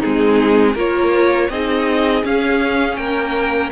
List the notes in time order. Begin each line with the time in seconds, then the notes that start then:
0.00 G#3 C4 D#4 G#4
0.74 A#3 F4 A#4 C#5
1.50 C4 D#4 G#4 D#5
2.24 C#4 F5
2.97 A#3 A#4 G5